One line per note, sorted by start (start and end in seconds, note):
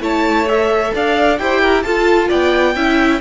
0.00 0.91 A3
0.00 0.47 E4
0.00 0.93 C#5
0.00 0.49 A5
0.47 1.38 A4
0.47 0.94 E5
0.94 1.39 D4
0.94 1.40 D5
0.94 1.38 F5
1.38 1.85 E4
1.38 1.84 G4
1.38 1.61 C5
1.38 1.82 G5
1.61 1.84 A#4
1.82 2.76 F4
1.82 2.30 F4
1.82 2.28 A4
1.82 2.28 A5
2.28 2.75 B3
2.28 2.74 D5
2.28 3.20 G5
2.75 3.20 C#4
2.75 3.20 E4
2.75 3.20 E5